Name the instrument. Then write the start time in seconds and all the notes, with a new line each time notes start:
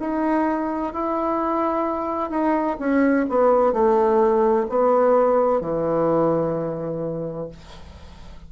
bassoon
0.00 D#4
0.94 E4
2.31 D#4
2.80 C#4
3.29 B3
3.73 A3
4.70 B3
5.61 E3